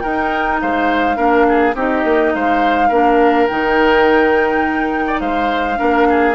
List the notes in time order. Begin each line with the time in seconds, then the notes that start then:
0.00 D#4 A#4 G5
0.60 G#3 C5 F5
1.16 A#3 D4 A#4
1.49 G#4
1.75 C4 D#4 G4 D#5
2.04 A#3
2.35 G#3 C5 F5
2.88 A#3 D4 A#4
3.47 D#3 D#4 G5
5.07 D5
5.20 G#3 C5 F5
5.77 A#3 D4 A#4
6.09 G#4